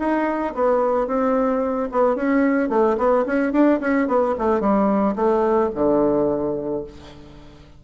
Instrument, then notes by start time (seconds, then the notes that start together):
bassoon
0.00 D#4
0.55 B3
1.08 C4
1.92 B3
2.16 C#4
2.70 A3
2.98 B3
3.27 C#4
3.53 D4
3.81 C#4
4.08 B3
4.39 A3
4.61 G3
5.16 A3
5.75 D3